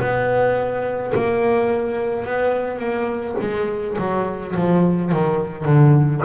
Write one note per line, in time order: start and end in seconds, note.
0.00 1.13 B3
1.15 2.26 A#3
2.26 2.79 B3
2.79 3.36 A#3
3.41 3.97 G#3
3.98 4.55 F#3
4.56 5.12 F3
5.12 5.65 D#3
5.65 6.22 D3